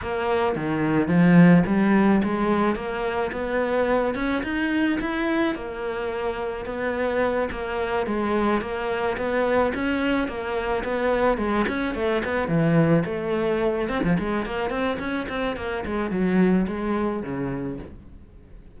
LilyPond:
\new Staff \with { instrumentName = "cello" } { \time 4/4 \tempo 4 = 108 ais4 dis4 f4 g4 | gis4 ais4 b4. cis'8 | dis'4 e'4 ais2 | b4. ais4 gis4 ais8~ |
ais8 b4 cis'4 ais4 b8~ | b8 gis8 cis'8 a8 b8 e4 a8~ | a4 c'16 f16 gis8 ais8 c'8 cis'8 c'8 | ais8 gis8 fis4 gis4 cis4 | }